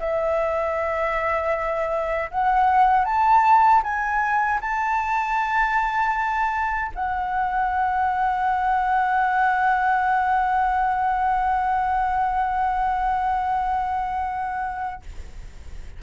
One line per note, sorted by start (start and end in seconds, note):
0.00 2.31 E5
2.31 3.05 F#5
3.05 3.82 A5
3.84 4.60 G#5
4.62 6.92 A5
6.95 15.03 F#5